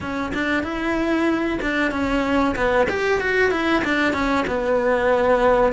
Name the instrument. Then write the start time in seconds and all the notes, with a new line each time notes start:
cello
0.00 C#4
0.34 D4
0.63 E4
1.61 D4
1.91 C#4
2.55 B3
2.89 G4
3.20 F#4
3.51 E4
3.84 D4
4.13 C#4
4.47 B3